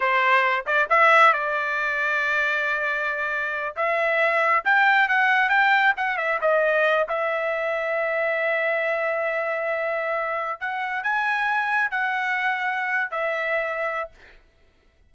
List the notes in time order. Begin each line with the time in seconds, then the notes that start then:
0.00 C5
0.66 D5
0.89 E5
1.33 D5
3.76 E5
4.64 G5
5.08 F#5
5.49 G5
5.96 F#5
6.17 E5
6.41 D#5
7.08 E5
10.60 F#5
11.03 G#5
11.90 F#5
13.10 E5